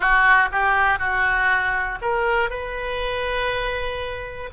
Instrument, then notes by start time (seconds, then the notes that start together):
oboe
0.00 F#4
0.51 G4
0.98 F#4
2.01 A#4
2.50 B4